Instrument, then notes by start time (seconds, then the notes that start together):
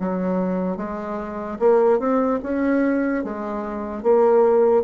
bassoon
0.00 F#3
0.77 G#3
1.60 A#3
1.99 C4
2.43 C#4
3.24 G#3
4.03 A#3